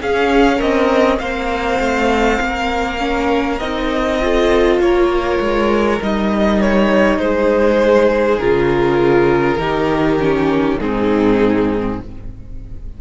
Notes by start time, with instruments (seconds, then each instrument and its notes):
0.00 viola C#4, cello C#4, violin G#4 F5
0.56 cello C4, violin A#4 D#5
1.19 cello A#3, viola C4, violin C5 F5
1.79 cello A3
2.40 cello A#3, violin A#4
2.98 viola C#4
3.58 cello C4, viola D#4, violin D#5
4.21 viola F4, violin A4
4.79 cello A#3, violin A#4 C#5
5.40 cello G#3
6.00 cello G3, viola D#4, violin D#5
6.60 violin C#5
7.18 cello G#3, violin G#4 C5
8.38 cello C#3, viola F4, violin A#4
9.56 cello D#3, viola D#4, violin G4
10.19 viola C#4
10.80 cello G#2, viola C4, violin D#4 G#4